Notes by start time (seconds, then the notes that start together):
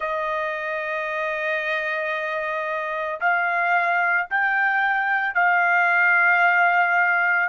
0.00 D#5
3.20 F5
4.30 G5
5.34 F5